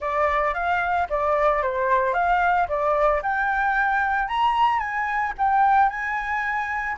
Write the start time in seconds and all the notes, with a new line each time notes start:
0.00 D5
0.54 F5
1.09 D5
1.62 C5
2.13 F5
2.68 D5
3.22 G5
4.28 A#5
4.79 G#5
5.38 G5
5.89 G#5